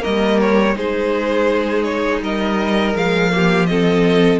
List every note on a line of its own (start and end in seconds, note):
0.00 0.76 G3
0.00 0.73 A#3
0.00 0.75 A#4
0.00 0.40 D#5
0.41 0.77 C#5
0.76 2.21 G#3
0.76 2.94 D#4
0.76 2.23 G#4
0.76 1.84 C5
1.84 2.20 C#5
2.21 2.95 G3
2.21 3.32 A#4
2.21 2.96 D#5
2.94 4.40 F3
2.94 3.31 G#3
2.94 3.66 F5
3.31 3.67 A#3
3.31 3.70 G4
3.66 4.40 C4
3.66 4.40 A4
3.66 4.39 D#5